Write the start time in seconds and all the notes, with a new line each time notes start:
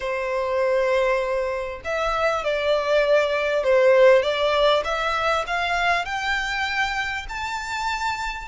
0.00 C5
1.84 E5
2.44 D5
3.63 C5
4.22 D5
4.84 E5
5.46 F5
6.05 G5
7.28 A5